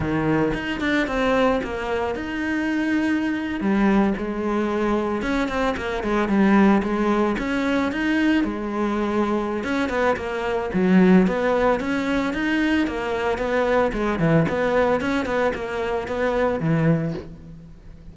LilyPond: \new Staff \with { instrumentName = "cello" } { \time 4/4 \tempo 4 = 112 dis4 dis'8 d'8 c'4 ais4 | dis'2~ dis'8. g4 gis16~ | gis4.~ gis16 cis'8 c'8 ais8 gis8 g16~ | g8. gis4 cis'4 dis'4 gis16~ |
gis2 cis'8 b8 ais4 | fis4 b4 cis'4 dis'4 | ais4 b4 gis8 e8 b4 | cis'8 b8 ais4 b4 e4 | }